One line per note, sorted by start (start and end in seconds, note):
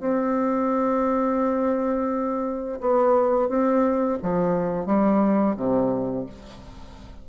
0.00 2.79 C4
2.80 3.49 B3
3.49 4.18 C4
4.22 4.86 F3
4.86 5.56 G3
5.56 6.26 C3